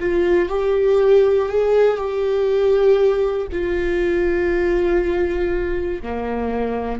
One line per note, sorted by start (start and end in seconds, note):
0.00 0.49 F4
0.49 1.49 G4
1.49 1.97 G#4
1.97 3.47 G4
3.52 6.02 F4
6.03 7.00 A#3